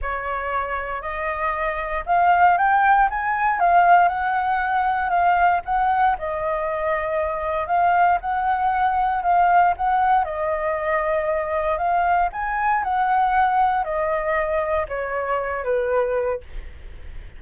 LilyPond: \new Staff \with { instrumentName = "flute" } { \time 4/4 \tempo 4 = 117 cis''2 dis''2 | f''4 g''4 gis''4 f''4 | fis''2 f''4 fis''4 | dis''2. f''4 |
fis''2 f''4 fis''4 | dis''2. f''4 | gis''4 fis''2 dis''4~ | dis''4 cis''4. b'4. | }